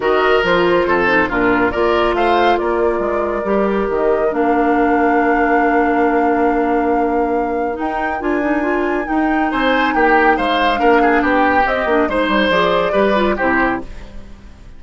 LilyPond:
<<
  \new Staff \with { instrumentName = "flute" } { \time 4/4 \tempo 4 = 139 dis''4 c''2 ais'4 | d''4 f''4 d''2~ | d''4 dis''4 f''2~ | f''1~ |
f''2 g''4 gis''4~ | gis''4 g''4 gis''4 g''4 | f''2 g''4 dis''4 | c''4 d''2 c''4 | }
  \new Staff \with { instrumentName = "oboe" } { \time 4/4 ais'2 a'4 f'4 | ais'4 c''4 ais'2~ | ais'1~ | ais'1~ |
ais'1~ | ais'2 c''4 g'4 | c''4 ais'8 gis'8 g'2 | c''2 b'4 g'4 | }
  \new Staff \with { instrumentName = "clarinet" } { \time 4/4 fis'4 f'4. dis'8 d'4 | f'1 | g'2 d'2~ | d'1~ |
d'2 dis'4 f'8 dis'8 | f'4 dis'2.~ | dis'4 d'2 c'8 d'8 | dis'4 gis'4 g'8 f'8 e'4 | }
  \new Staff \with { instrumentName = "bassoon" } { \time 4/4 dis4 f4 f,4 ais,4 | ais4 a4 ais4 gis4 | g4 dis4 ais2~ | ais1~ |
ais2 dis'4 d'4~ | d'4 dis'4 c'4 ais4 | gis4 ais4 b4 c'8 ais8 | gis8 g8 f4 g4 c4 | }
>>